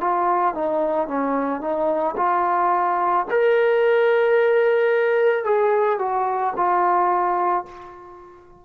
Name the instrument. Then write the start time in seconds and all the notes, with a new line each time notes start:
trombone
0.00 F4
0.54 D#4
1.08 C#4
1.61 D#4
2.17 F4
3.30 A#4
5.44 G#4
5.99 F#4
6.56 F4